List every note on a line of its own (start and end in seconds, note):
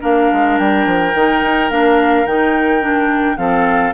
0.00 0.31 A#3
0.00 1.12 D4
0.00 3.37 A#4
0.00 0.58 F5
0.32 0.59 G#3
0.58 0.86 G3
0.58 1.70 G5
0.86 1.14 F3
1.15 1.42 D#3
1.15 1.70 D#4
1.42 1.70 D#4
1.70 2.25 A#3
1.70 2.26 D4
1.70 2.26 F5
2.25 3.37 D#3
2.25 2.81 D#4
2.25 3.37 G5
2.81 3.37 D4
3.37 3.93 F3
3.37 3.93 C4
3.37 3.94 A4
3.37 3.93 F5